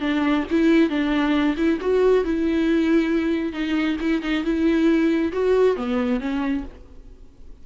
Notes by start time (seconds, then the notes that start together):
0.00 D4
0.51 E4
0.89 D4
1.57 E4
1.81 F#4
2.24 E4
3.53 D#4
4.00 E4
4.22 D#4
4.44 E4
5.32 F#4
5.76 B3
6.20 C#4